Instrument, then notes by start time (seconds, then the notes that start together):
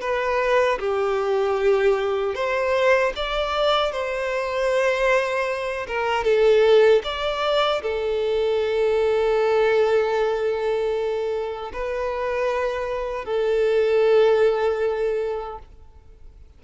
violin
0.00 B4
0.79 G4
2.34 C5
3.16 D5
3.92 C5
5.87 A#4
6.24 A4
7.03 D5
7.82 A4
11.73 B4
13.25 A4